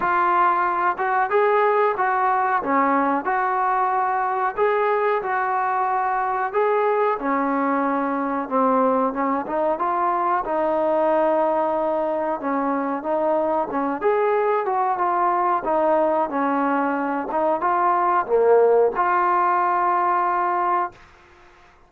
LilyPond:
\new Staff \with { instrumentName = "trombone" } { \time 4/4 \tempo 4 = 92 f'4. fis'8 gis'4 fis'4 | cis'4 fis'2 gis'4 | fis'2 gis'4 cis'4~ | cis'4 c'4 cis'8 dis'8 f'4 |
dis'2. cis'4 | dis'4 cis'8 gis'4 fis'8 f'4 | dis'4 cis'4. dis'8 f'4 | ais4 f'2. | }